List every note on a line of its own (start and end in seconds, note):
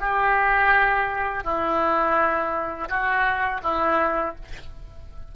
0.00 1.44 G4
1.44 2.88 E4
2.89 3.61 F#4
3.63 4.35 E4